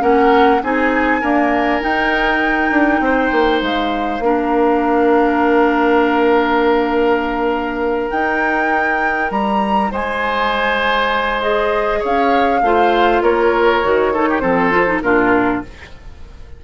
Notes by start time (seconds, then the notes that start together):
0.00 A#3 C#4 A#4 F#5
0.63 C4 D#4 G#4 G#5
1.21 A#3 D4 A#4
1.80 D#4 G5
2.71 D4
3.00 C4 C5
3.32 A#3
3.62 G#3 F5
4.20 A#3 D4 A#4
8.11 D#4 G5
9.31 G3 A#5
9.91 G#3 C5 G#5
11.41 G#4 D#5
12.00 C#4 C#5 F5
12.62 A3 F4 C5
13.22 A#3 A#4 C#5
13.83 D#3 F#4
14.14 D#4 A4
14.29 G4
14.40 F3 C4 A4 C5
14.71 F4
14.87 D#4
15.02 A#2 D4 F4 A#4